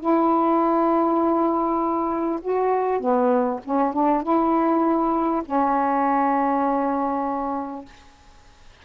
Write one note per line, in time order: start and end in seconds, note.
0.00 2.40 E4
2.42 3.00 F#4
3.00 3.60 B3
3.64 3.93 C#4
3.93 4.23 D4
4.23 5.43 E4
5.45 7.85 C#4